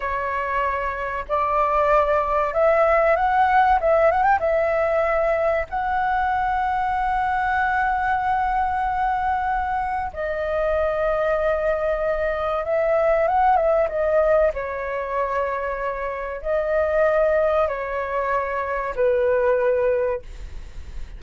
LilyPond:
\new Staff \with { instrumentName = "flute" } { \time 4/4 \tempo 4 = 95 cis''2 d''2 | e''4 fis''4 e''8 fis''16 g''16 e''4~ | e''4 fis''2.~ | fis''1 |
dis''1 | e''4 fis''8 e''8 dis''4 cis''4~ | cis''2 dis''2 | cis''2 b'2 | }